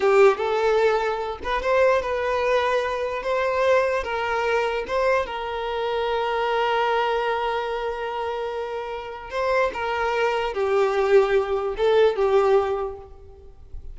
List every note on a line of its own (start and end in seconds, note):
0.00 0.37 G4
0.37 1.38 A4
1.43 1.62 B4
1.62 2.02 C5
2.02 3.22 B4
3.22 4.03 C5
4.03 4.84 A#4
4.87 5.26 C5
5.26 9.30 A#4
9.30 9.71 C5
9.73 10.53 A#4
10.53 11.75 G4
11.77 12.15 A4
12.15 12.96 G4